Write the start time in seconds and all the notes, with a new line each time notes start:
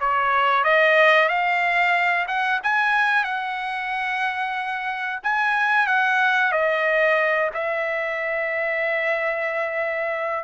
0.00 C#5
0.64 D#5
1.29 F5
2.27 F#5
2.63 G#5
3.24 F#5
5.23 G#5
5.87 F#5
6.52 D#5
7.54 E5